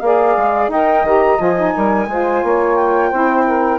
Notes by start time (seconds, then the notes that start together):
0.00 A#3 G#4 D5 F5
0.37 G#3
0.68 D#4 A#4 D#5 G5
1.03 D#3 G4 A#5
1.38 F3 F4 G#5
1.56 D#4
1.73 G3 A#4
2.08 G#3 F4 C5
2.43 A#3 C#5
2.75 G5
3.09 C4 E4 C5
3.46 A#4